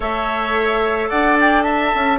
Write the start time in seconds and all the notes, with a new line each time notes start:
0.00 A3 A4 C#5 E5
1.09 D4 D5 F#5
1.40 G5
1.62 E5 A5
1.94 C#4